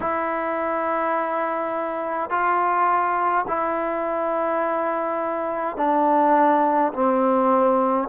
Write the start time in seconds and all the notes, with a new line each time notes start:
0.00 E4
2.30 F4
3.47 E4
5.76 D4
6.93 C4